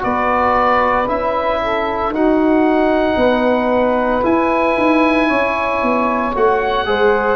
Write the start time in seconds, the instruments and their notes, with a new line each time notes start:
0.00 tuba B3, trombone F#4, saxophone B4, oboe D5
1.08 tuba C#4, trombone E4, oboe E5
1.61 saxophone A4
2.10 tuba D#4, trombone D#4, saxophone F#4, oboe F#5
3.17 tuba B3, saxophone B4
4.23 trombone E4, tuba E4, oboe G#5
4.78 tuba D#4
5.28 tuba C#4, saxophone C#5
5.83 tuba B3
6.36 tuba A3, trombone F#4, oboe F#5
6.86 tuba G#3, trombone G#4, saxophone C5